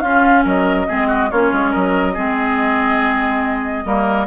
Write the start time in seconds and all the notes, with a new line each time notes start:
0.00 C#4 F4 F5
0.44 F#3 A#4 D#5
0.87 G#3 C4 G#4
1.07 F#4
1.30 A#3 C#4 F4 C#5
1.52 G#3
1.70 F#3 A#4 D#5
2.13 G#3 C4 G#4
3.85 G3 A#3 A#4